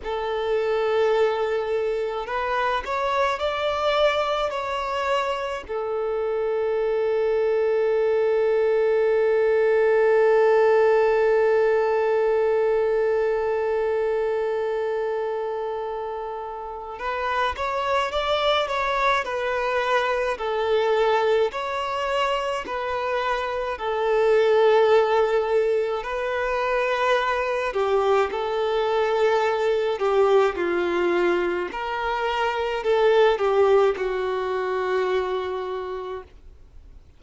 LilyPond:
\new Staff \with { instrumentName = "violin" } { \time 4/4 \tempo 4 = 53 a'2 b'8 cis''8 d''4 | cis''4 a'2.~ | a'1~ | a'2. b'8 cis''8 |
d''8 cis''8 b'4 a'4 cis''4 | b'4 a'2 b'4~ | b'8 g'8 a'4. g'8 f'4 | ais'4 a'8 g'8 fis'2 | }